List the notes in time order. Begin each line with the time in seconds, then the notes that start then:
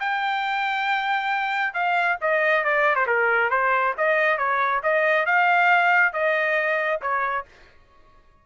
0.00 G5
1.74 F5
2.21 D#5
2.65 D5
2.96 C5
3.07 A#4
3.51 C5
3.98 D#5
4.38 C#5
4.83 D#5
5.26 F5
6.13 D#5
7.02 C#5